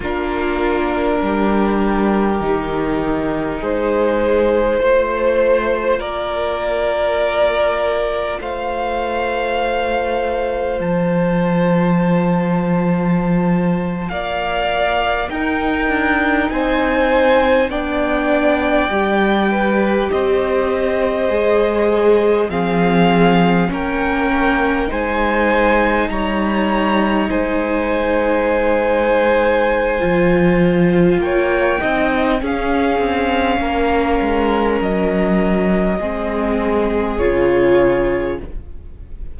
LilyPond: <<
  \new Staff \with { instrumentName = "violin" } { \time 4/4 \tempo 4 = 50 ais'2. c''4~ | c''4 d''2 f''4~ | f''4 a''2~ a''8. f''16~ | f''8. g''4 gis''4 g''4~ g''16~ |
g''8. dis''2 f''4 g''16~ | g''8. gis''4 ais''4 gis''4~ gis''16~ | gis''2 g''4 f''4~ | f''4 dis''2 cis''4 | }
  \new Staff \with { instrumentName = "violin" } { \time 4/4 f'4 g'2 gis'4 | c''4 ais'2 c''4~ | c''2.~ c''8. d''16~ | d''8. ais'4 c''4 d''4~ d''16~ |
d''16 b'8 c''2 gis'4 ais'16~ | ais'8. c''4 cis''4 c''4~ c''16~ | c''2 cis''8 dis''8 gis'4 | ais'2 gis'2 | }
  \new Staff \with { instrumentName = "viola" } { \time 4/4 d'2 dis'2 | f'1~ | f'1~ | f'8. dis'2 d'4 g'16~ |
g'4.~ g'16 gis'4 c'4 cis'16~ | cis'8. dis'2.~ dis'16~ | dis'4 f'4. dis'8 cis'4~ | cis'2 c'4 f'4 | }
  \new Staff \with { instrumentName = "cello" } { \time 4/4 ais4 g4 dis4 gis4 | a4 ais2 a4~ | a4 f2~ f8. ais16~ | ais8. dis'8 d'8 c'4 b4 g16~ |
g8. c'4 gis4 f4 ais16~ | ais8. gis4 g4 gis4~ gis16~ | gis4 f4 ais8 c'8 cis'8 c'8 | ais8 gis8 fis4 gis4 cis4 | }
>>